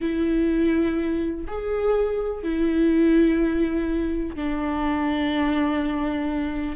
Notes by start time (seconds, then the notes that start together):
0.00 E4
1.47 G#4
2.43 E4
4.35 D4